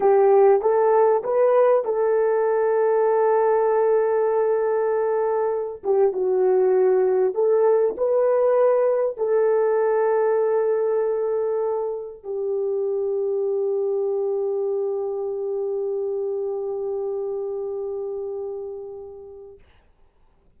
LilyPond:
\new Staff \with { instrumentName = "horn" } { \time 4/4 \tempo 4 = 98 g'4 a'4 b'4 a'4~ | a'1~ | a'4. g'8 fis'2 | a'4 b'2 a'4~ |
a'1 | g'1~ | g'1~ | g'1 | }